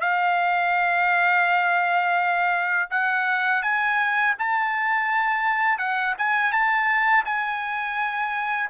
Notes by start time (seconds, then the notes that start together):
0.00 F5
2.90 F#5
3.62 G#5
4.39 A5
5.78 F#5
6.18 G#5
6.52 A5
7.25 G#5